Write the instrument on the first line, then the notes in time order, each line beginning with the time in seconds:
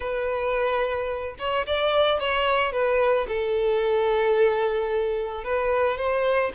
violin
0.00 B4
1.38 C#5
1.66 D5
2.19 C#5
2.72 B4
3.28 A4
5.44 B4
5.97 C5